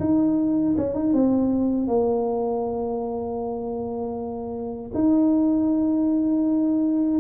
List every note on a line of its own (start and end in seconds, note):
0.00 0.76 D#4
0.77 0.95 C#4
0.95 1.13 D#4
1.13 1.87 C4
1.87 4.91 A#3
4.94 7.20 D#4